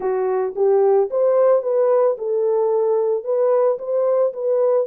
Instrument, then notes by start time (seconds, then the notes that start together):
horn
0.00 F#4
0.55 G4
1.10 C5
1.62 B4
2.17 A4
3.24 B4
3.78 C5
4.33 B4